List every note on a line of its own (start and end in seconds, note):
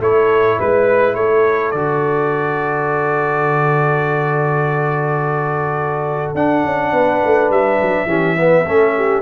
0.00 0.58 A3
0.00 1.75 E4
0.00 0.59 A4
0.00 0.60 C#5
0.59 1.16 G#3
0.59 1.17 B4
0.59 1.15 B4
1.15 1.73 A3
1.15 6.93 A4
1.15 1.72 C#5
1.72 6.35 D3
1.72 6.37 F#4
1.72 6.33 D5
6.35 6.64 D4
6.35 8.08 D4
6.35 7.52 F#5
6.64 6.93 C#4
6.93 7.22 B3
6.93 8.08 B4
7.25 7.50 A3
7.50 7.79 G3
7.50 9.22 E5
7.83 8.06 F#3
8.06 8.64 E3
8.06 8.37 C#4
8.06 8.37 G4
8.37 8.66 B3
8.37 8.67 B4
8.66 9.22 A3
8.66 9.22 C#4
8.66 8.96 A4
8.96 9.22 G4